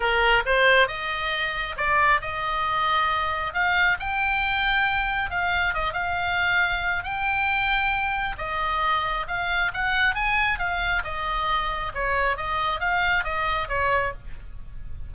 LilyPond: \new Staff \with { instrumentName = "oboe" } { \time 4/4 \tempo 4 = 136 ais'4 c''4 dis''2 | d''4 dis''2. | f''4 g''2. | f''4 dis''8 f''2~ f''8 |
g''2. dis''4~ | dis''4 f''4 fis''4 gis''4 | f''4 dis''2 cis''4 | dis''4 f''4 dis''4 cis''4 | }